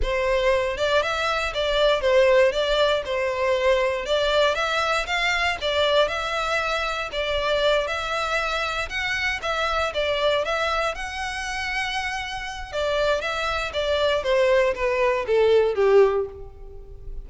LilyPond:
\new Staff \with { instrumentName = "violin" } { \time 4/4 \tempo 4 = 118 c''4. d''8 e''4 d''4 | c''4 d''4 c''2 | d''4 e''4 f''4 d''4 | e''2 d''4. e''8~ |
e''4. fis''4 e''4 d''8~ | d''8 e''4 fis''2~ fis''8~ | fis''4 d''4 e''4 d''4 | c''4 b'4 a'4 g'4 | }